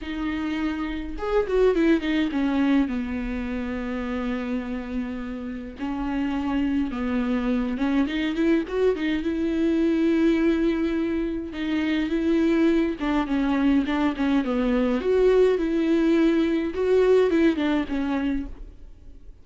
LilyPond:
\new Staff \with { instrumentName = "viola" } { \time 4/4 \tempo 4 = 104 dis'2 gis'8 fis'8 e'8 dis'8 | cis'4 b2.~ | b2 cis'2 | b4. cis'8 dis'8 e'8 fis'8 dis'8 |
e'1 | dis'4 e'4. d'8 cis'4 | d'8 cis'8 b4 fis'4 e'4~ | e'4 fis'4 e'8 d'8 cis'4 | }